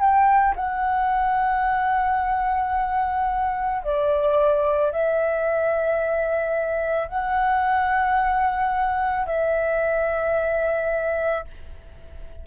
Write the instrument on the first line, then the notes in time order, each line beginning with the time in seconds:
flute
0.00 G5
0.56 F#5
3.83 D5
4.92 E5
7.09 F#5
9.26 E5